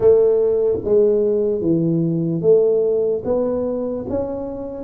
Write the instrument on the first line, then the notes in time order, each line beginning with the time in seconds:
tuba
0.00 A3
0.84 G#3
1.61 E3
2.41 A3
3.24 B3
4.09 C#4